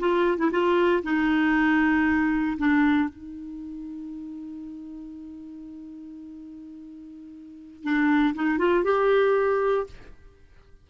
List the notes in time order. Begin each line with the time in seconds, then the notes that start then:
0.00 F4
0.38 E4
0.52 F4
1.04 D#4
2.58 D4
3.10 D#4
7.83 D4
8.35 D#4
8.59 F4
8.85 G4